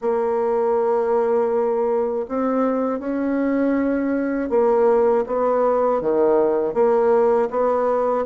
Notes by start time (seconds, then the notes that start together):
0.01 A#3
2.28 C4
2.99 C#4
4.49 A#3
5.26 B3
6.01 D#3
6.74 A#3
7.50 B3